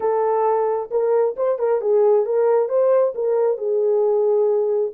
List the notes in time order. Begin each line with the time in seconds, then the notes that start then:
0.00 A4
0.90 A#4
1.36 C5
1.58 A#4
1.81 G#4
2.25 A#4
2.68 C5
3.14 A#4
3.57 G#4